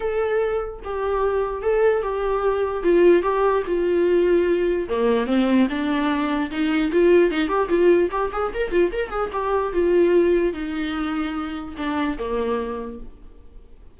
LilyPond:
\new Staff \with { instrumentName = "viola" } { \time 4/4 \tempo 4 = 148 a'2 g'2 | a'4 g'2 f'4 | g'4 f'2. | ais4 c'4 d'2 |
dis'4 f'4 dis'8 g'8 f'4 | g'8 gis'8 ais'8 f'8 ais'8 gis'8 g'4 | f'2 dis'2~ | dis'4 d'4 ais2 | }